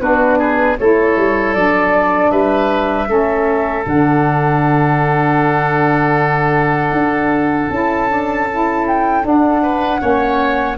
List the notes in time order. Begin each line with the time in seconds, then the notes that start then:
0.00 B3 D4 F#4 B4
0.38 G#4
0.78 A3 E4 A4 C#5
1.16 G3
1.54 F#3 D4 D5
2.30 G3 B4 E5
3.06 A3 C#4 A4
3.86 D3 D4 F#5
6.91 D4
7.70 C#4 E4 A5
8.08 D4
8.50 E4
8.87 G5
9.22 D4 F#5
9.62 B4
9.98 A#3 C#4 C#5